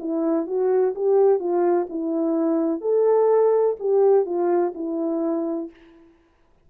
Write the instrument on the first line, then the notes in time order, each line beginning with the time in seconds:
horn
0.00 E4
0.47 F#4
0.95 G4
1.40 F4
1.90 E4
2.81 A4
3.80 G4
4.26 F4
4.75 E4